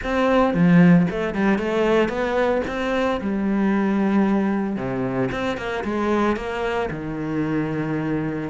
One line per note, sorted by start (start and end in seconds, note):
0.03 0.53 C4
0.53 1.06 F3
1.10 1.34 A3
1.34 1.58 G3
1.58 2.08 A3
2.08 2.61 B3
2.67 3.20 C4
3.21 4.76 G3
4.76 5.29 C3
5.31 5.57 C4
5.57 5.83 A#3
5.84 6.36 G#3
6.36 6.89 A#3
6.90 8.49 D#3